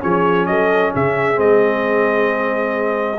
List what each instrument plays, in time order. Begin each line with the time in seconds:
0.00 tuba F3, trombone C#4, horn G#4, trumpet C#5
0.46 tuba F#3, horn A4, trumpet D#5
0.93 tuba C#3, horn G#4, trumpet E5
1.35 tuba G#3, trombone C4, trumpet D#5